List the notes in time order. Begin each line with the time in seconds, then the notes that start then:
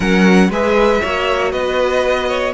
0.00 F#3 C#4 A#4 F#5
0.49 G#3 G#4 B4 E5
1.01 A#3 F#4 C#5
1.51 B3 B4 D#5
2.28 C#5